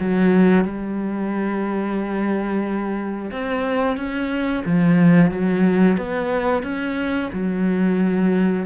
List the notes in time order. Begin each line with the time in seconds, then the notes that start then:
0.00 F#3
0.65 G3
3.32 C4
3.97 C#4
4.65 F3
5.31 F#3
5.98 B3
6.63 C#4
7.33 F#3